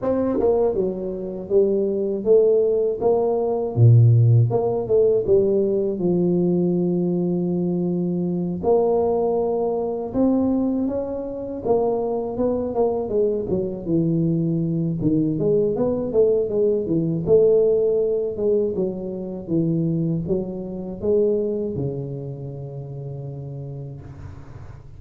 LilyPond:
\new Staff \with { instrumentName = "tuba" } { \time 4/4 \tempo 4 = 80 c'8 ais8 fis4 g4 a4 | ais4 ais,4 ais8 a8 g4 | f2.~ f8 ais8~ | ais4. c'4 cis'4 ais8~ |
ais8 b8 ais8 gis8 fis8 e4. | dis8 gis8 b8 a8 gis8 e8 a4~ | a8 gis8 fis4 e4 fis4 | gis4 cis2. | }